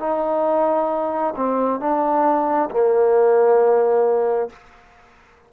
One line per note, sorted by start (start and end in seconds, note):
0.00 1.34 D#4
1.36 1.80 C4
1.80 2.70 D4
2.71 4.50 A#3